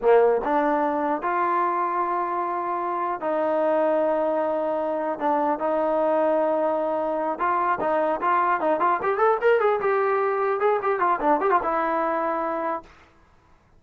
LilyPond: \new Staff \with { instrumentName = "trombone" } { \time 4/4 \tempo 4 = 150 ais4 d'2 f'4~ | f'1 | dis'1~ | dis'4 d'4 dis'2~ |
dis'2~ dis'8 f'4 dis'8~ | dis'8 f'4 dis'8 f'8 g'8 a'8 ais'8 | gis'8 g'2 gis'8 g'8 f'8 | d'8 g'16 f'16 e'2. | }